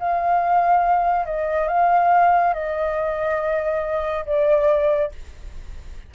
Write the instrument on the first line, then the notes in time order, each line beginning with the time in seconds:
flute
0.00 F5
1.26 D#5
1.68 F5
2.54 D#5
4.26 D5